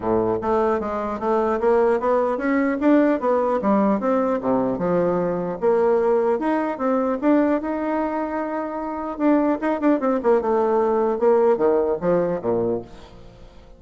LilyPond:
\new Staff \with { instrumentName = "bassoon" } { \time 4/4 \tempo 4 = 150 a,4 a4 gis4 a4 | ais4 b4 cis'4 d'4 | b4 g4 c'4 c4 | f2 ais2 |
dis'4 c'4 d'4 dis'4~ | dis'2. d'4 | dis'8 d'8 c'8 ais8 a2 | ais4 dis4 f4 ais,4 | }